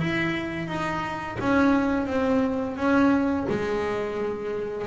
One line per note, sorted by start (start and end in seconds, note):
0.00 0.68 E4
0.68 1.38 D#4
1.40 2.07 C#4
2.07 2.77 C4
2.77 3.47 C#4
3.49 4.87 G#3